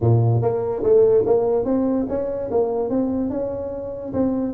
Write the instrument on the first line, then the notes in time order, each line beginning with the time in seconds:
tuba
0.01 A#2
0.41 A#3
0.83 A3
1.26 A#3
1.65 C4
2.08 C#4
2.51 A#3
2.89 C4
3.30 C#4
4.13 C4